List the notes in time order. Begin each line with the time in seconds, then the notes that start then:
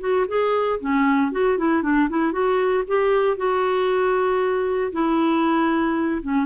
0.00 F#4
0.28 G#4
0.80 C#4
1.32 F#4
1.58 E4
1.82 D4
2.09 E4
2.32 F#4
2.87 G4
3.37 F#4
4.92 E4
6.22 C#4